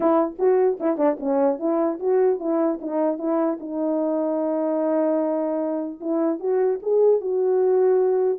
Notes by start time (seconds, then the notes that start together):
0.00 E4
0.39 F#4
0.79 E4
0.97 D4
1.19 C#4
1.59 E4
1.99 F#4
2.39 E4
2.81 D#4
3.18 E4
3.60 D#4
6.00 E4
6.39 F#4
6.82 G#4
7.20 F#4